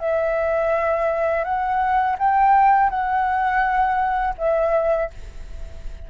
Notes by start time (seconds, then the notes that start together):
0.00 E5
1.44 F#5
2.19 G5
2.90 F#5
4.38 E5